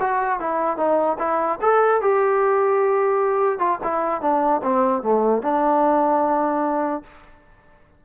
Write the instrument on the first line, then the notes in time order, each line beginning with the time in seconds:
trombone
0.00 F#4
0.40 E4
0.77 D#4
1.19 E4
1.61 A4
2.02 G4
3.59 F4
3.83 E4
4.21 D4
4.63 C4
5.02 A3
5.42 D4